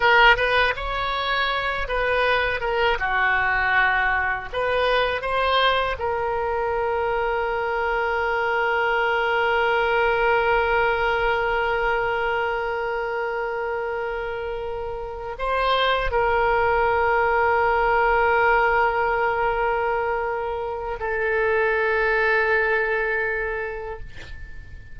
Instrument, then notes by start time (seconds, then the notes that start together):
oboe
0.00 A#4
0.36 B4
0.76 C#5
1.88 B4
2.60 A#4
2.99 F#4
4.52 B4
5.21 C5
5.98 A#4
15.38 C5
16.11 A#4
20.99 A4